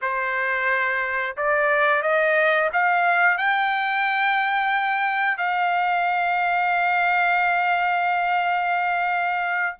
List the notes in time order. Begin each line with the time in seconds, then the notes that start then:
0.01 C5
1.36 D5
2.02 D#5
2.72 F5
3.37 G5
5.37 F5